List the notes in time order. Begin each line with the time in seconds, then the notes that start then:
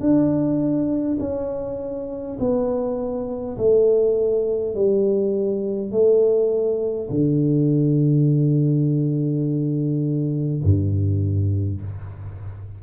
0.00 D4
1.19 C#4
2.39 B3
3.57 A3
4.74 G3
5.91 A3
7.10 D3
10.63 G2